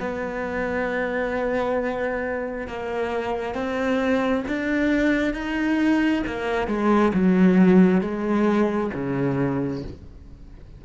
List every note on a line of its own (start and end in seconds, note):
0.00 2.67 B3
2.67 3.55 A#3
3.55 4.44 C4
4.48 5.34 D4
5.34 6.23 D#4
6.26 6.68 A#3
6.68 7.12 G#3
7.14 8.01 F#3
8.01 8.91 G#3
8.93 9.83 C#3